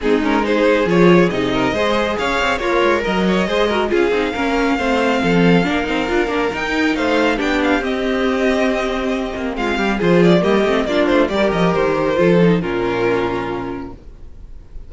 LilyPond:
<<
  \new Staff \with { instrumentName = "violin" } { \time 4/4 \tempo 4 = 138 gis'8 ais'8 c''4 cis''4 dis''4~ | dis''4 f''4 cis''4 dis''4~ | dis''4 f''2.~ | f''2. g''4 |
f''4 g''8 f''8 dis''2~ | dis''2 f''4 c''8 d''8 | dis''4 d''8 c''8 d''8 dis''8 c''4~ | c''4 ais'2. | }
  \new Staff \with { instrumentName = "violin" } { \time 4/4 dis'4 gis'2~ gis'8 ais'8 | c''4 cis''4 f'4 ais'8 cis''8 | c''8 ais'8 gis'4 ais'4 c''4 | a'4 ais'2. |
c''4 g'2.~ | g'2 f'8 g'8 gis'4 | g'4 f'4 ais'2 | a'4 f'2. | }
  \new Staff \with { instrumentName = "viola" } { \time 4/4 c'8 cis'8 dis'4 f'4 dis'4 | gis'2 ais'2 | gis'8 fis'8 f'8 dis'8 cis'4 c'4~ | c'4 d'8 dis'8 f'8 d'8 dis'4~ |
dis'4 d'4 c'2~ | c'2. f'4 | ais8 c'8 d'4 g'2 | f'8 dis'8 cis'2. | }
  \new Staff \with { instrumentName = "cello" } { \time 4/4 gis2 f4 c4 | gis4 cis'8 c'8 ais8 gis8 fis4 | gis4 cis'8 c'8 ais4 a4 | f4 ais8 c'8 d'8 ais8 dis'4 |
a4 b4 c'2~ | c'4. ais8 gis8 g8 f4 | g8 a8 ais8 a8 g8 f8 dis4 | f4 ais,2. | }
>>